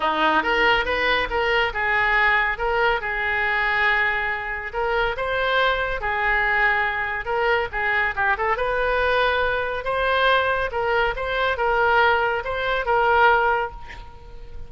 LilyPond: \new Staff \with { instrumentName = "oboe" } { \time 4/4 \tempo 4 = 140 dis'4 ais'4 b'4 ais'4 | gis'2 ais'4 gis'4~ | gis'2. ais'4 | c''2 gis'2~ |
gis'4 ais'4 gis'4 g'8 a'8 | b'2. c''4~ | c''4 ais'4 c''4 ais'4~ | ais'4 c''4 ais'2 | }